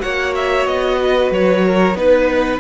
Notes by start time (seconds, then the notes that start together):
0.00 A#3 F#4 C#5 F#5
0.36 E5
0.67 B3 D#5
1.03 B4
1.31 F#3 C#5
1.66 A#4
1.95 B3 D#4 B4